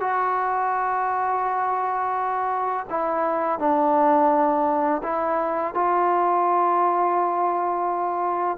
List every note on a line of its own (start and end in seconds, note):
0.00 2.86 F#4
2.89 3.59 E4
3.59 5.02 D4
5.03 5.74 E4
5.74 8.57 F4